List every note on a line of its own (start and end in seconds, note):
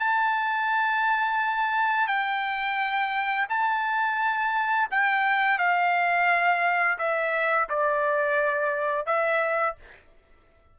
0.00 2.07 A5
2.07 3.47 G5
3.49 4.89 A5
4.91 5.59 G5
5.59 6.98 F5
6.99 7.69 E5
7.70 9.07 D5
9.07 9.76 E5